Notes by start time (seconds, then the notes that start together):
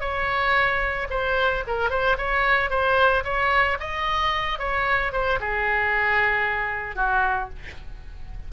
0.00 C#5
1.10 C5
1.67 A#4
1.90 C5
2.17 C#5
2.70 C5
3.24 C#5
3.80 D#5
4.59 C#5
5.12 C5
5.40 G#4
6.95 F#4